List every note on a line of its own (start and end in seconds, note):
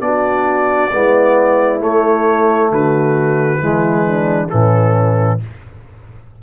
0.00 0.90 B3
0.00 0.90 D4
0.00 0.93 F#4
0.00 1.80 D5
0.92 1.82 G#3
0.92 1.79 B3
0.92 2.72 E4
1.79 3.58 A3
1.79 2.71 A3
1.79 2.72 C#5
2.71 3.60 D3
2.71 3.61 F#4
2.71 4.49 B4
3.59 4.50 E3
3.59 4.48 G#3
3.59 4.06 E4
4.06 4.50 D4
4.49 5.42 A2
4.49 5.39 E3
4.49 5.40 C#4
4.49 5.39 A4